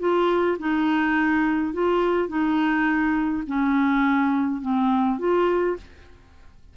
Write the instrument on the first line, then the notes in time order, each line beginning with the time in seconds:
clarinet
0.00 F4
0.59 D#4
1.74 F4
2.29 D#4
3.47 C#4
4.62 C4
5.19 F4